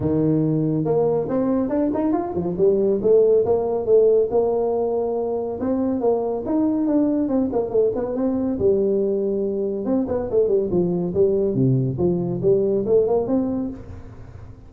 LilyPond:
\new Staff \with { instrumentName = "tuba" } { \time 4/4 \tempo 4 = 140 dis2 ais4 c'4 | d'8 dis'8 f'8 f8 g4 a4 | ais4 a4 ais2~ | ais4 c'4 ais4 dis'4 |
d'4 c'8 ais8 a8 b8 c'4 | g2. c'8 b8 | a8 g8 f4 g4 c4 | f4 g4 a8 ais8 c'4 | }